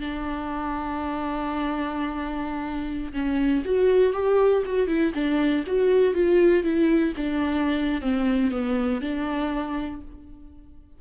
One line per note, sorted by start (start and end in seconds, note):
0.00 3.12 D4
3.13 3.63 C#4
3.65 4.13 F#4
4.13 4.63 G4
4.66 4.88 F#4
4.88 5.12 E4
5.14 5.64 D4
5.67 6.14 F#4
6.14 6.64 F4
6.64 7.14 E4
7.17 8.01 D4
8.01 8.51 C4
8.51 9.01 B3
9.01 10.01 D4